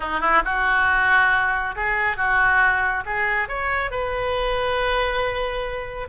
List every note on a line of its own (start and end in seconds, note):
0.00 0.20 D#4
0.20 0.42 E4
0.44 1.75 F#4
1.75 2.16 G#4
2.16 3.03 F#4
3.05 3.48 G#4
3.48 3.90 C#5
3.90 6.08 B4